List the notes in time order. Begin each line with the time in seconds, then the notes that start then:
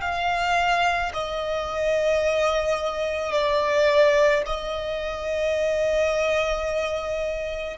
0.00 F5
1.13 D#5
3.32 D5
4.45 D#5